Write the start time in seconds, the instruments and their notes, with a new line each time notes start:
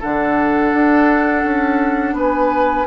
0.00 bassoon D3, clarinet D4, oboe A4, flute F#5
0.73 bassoon D4
1.44 bassoon C#4
2.13 bassoon B3, oboe B4, flute G#5